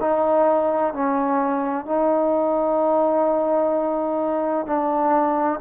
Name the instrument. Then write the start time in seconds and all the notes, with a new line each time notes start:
trombone
0.00 D#4
0.93 C#4
1.85 D#4
4.66 D4